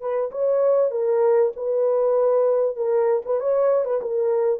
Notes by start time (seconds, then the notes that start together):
0.00 B4
0.31 C#5
0.90 A#4
1.56 B4
2.76 A#4
3.25 B4
3.40 C#5
3.85 B4
4.01 A#4